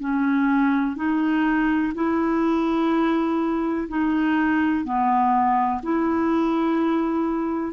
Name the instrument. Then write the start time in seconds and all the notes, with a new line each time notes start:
clarinet
0.00 C#4
0.95 D#4
1.94 E4
3.88 D#4
4.84 B3
5.82 E4